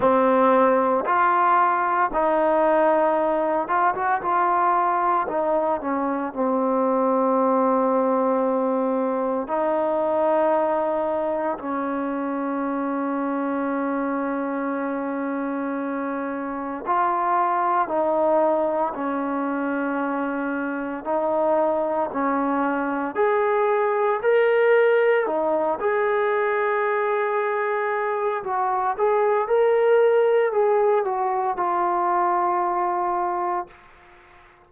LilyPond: \new Staff \with { instrumentName = "trombone" } { \time 4/4 \tempo 4 = 57 c'4 f'4 dis'4. f'16 fis'16 | f'4 dis'8 cis'8 c'2~ | c'4 dis'2 cis'4~ | cis'1 |
f'4 dis'4 cis'2 | dis'4 cis'4 gis'4 ais'4 | dis'8 gis'2~ gis'8 fis'8 gis'8 | ais'4 gis'8 fis'8 f'2 | }